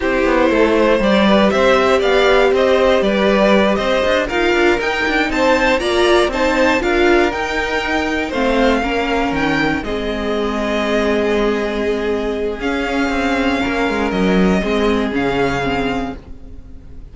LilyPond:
<<
  \new Staff \with { instrumentName = "violin" } { \time 4/4 \tempo 4 = 119 c''2 d''4 e''4 | f''4 dis''4 d''4. dis''8~ | dis''8 f''4 g''4 a''4 ais''8~ | ais''8 a''4 f''4 g''4.~ |
g''8 f''2 g''4 dis''8~ | dis''1~ | dis''4 f''2. | dis''2 f''2 | }
  \new Staff \with { instrumentName = "violin" } { \time 4/4 g'4 a'8 c''4 b'8 c''4 | d''4 c''4 b'4. c''8~ | c''8 ais'2 c''4 d''8~ | d''8 c''4 ais'2~ ais'8~ |
ais'8 c''4 ais'2 gis'8~ | gis'1~ | gis'2. ais'4~ | ais'4 gis'2. | }
  \new Staff \with { instrumentName = "viola" } { \time 4/4 e'2 g'2~ | g'1~ | g'8 f'4 dis'2 f'8~ | f'8 dis'4 f'4 dis'4.~ |
dis'8 c'4 cis'2 c'8~ | c'1~ | c'4 cis'2.~ | cis'4 c'4 cis'4 c'4 | }
  \new Staff \with { instrumentName = "cello" } { \time 4/4 c'8 b8 a4 g4 c'4 | b4 c'4 g4. c'8 | d'8 dis'8 d'8 dis'8 d'8 c'4 ais8~ | ais8 c'4 d'4 dis'4.~ |
dis'8 a4 ais4 dis4 gis8~ | gis1~ | gis4 cis'4 c'4 ais8 gis8 | fis4 gis4 cis2 | }
>>